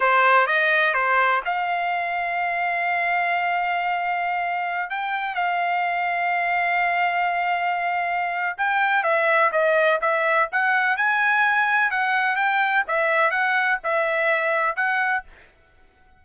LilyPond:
\new Staff \with { instrumentName = "trumpet" } { \time 4/4 \tempo 4 = 126 c''4 dis''4 c''4 f''4~ | f''1~ | f''2~ f''16 g''4 f''8.~ | f''1~ |
f''2 g''4 e''4 | dis''4 e''4 fis''4 gis''4~ | gis''4 fis''4 g''4 e''4 | fis''4 e''2 fis''4 | }